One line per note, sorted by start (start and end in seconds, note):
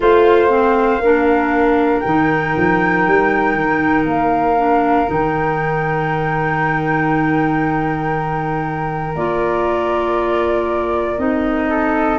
0.00 0.98 A3
0.00 0.49 F4
0.00 1.02 C5
0.00 2.00 F5
0.49 0.99 C4
0.98 2.00 A#3
0.98 2.04 D4
0.98 11.69 A#4
2.00 2.56 D#3
2.00 4.57 D#4
2.00 4.03 G5
2.56 3.06 F3
3.06 3.54 G3
3.54 4.04 D#3
4.04 5.06 A#3
4.04 5.10 F5
4.57 5.06 D4
5.06 9.15 D#3
5.06 9.13 D#4
5.06 9.15 G5
9.15 11.18 A#3
9.15 11.18 F4
9.15 11.18 D5
11.18 12.18 C4
11.18 12.18 D#4
11.18 12.18 D#5
11.69 12.18 A4